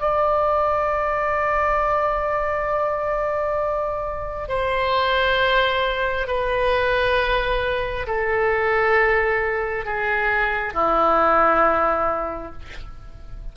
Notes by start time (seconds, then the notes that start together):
0.00 D5
4.48 C5
6.27 B4
8.06 A4
9.85 G#4
10.73 E4